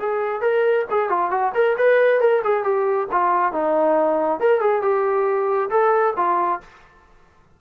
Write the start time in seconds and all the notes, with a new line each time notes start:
0.00 G#4
0.42 A#4
0.91 G#4
1.10 F4
1.31 F#4
1.55 A#4
1.78 B4
2.21 A#4
2.45 G#4
2.64 G4
3.12 F4
3.53 D#4
4.40 A#4
4.61 G#4
4.83 G4
5.70 A4
6.17 F4